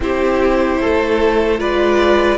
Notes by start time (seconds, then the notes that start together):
0.00 C4 E4 G4 C5
0.81 A3 A4
1.59 G#3 F4 B4 D5